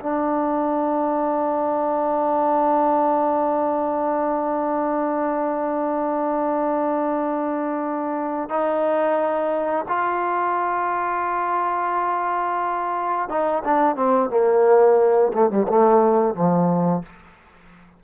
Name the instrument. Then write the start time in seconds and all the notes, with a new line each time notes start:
trombone
0.00 D4
8.49 D#4
9.89 F4
13.30 D#4
13.65 D4
13.96 C4
14.30 A#3
15.34 A3
15.51 G3
15.68 A3
16.35 F3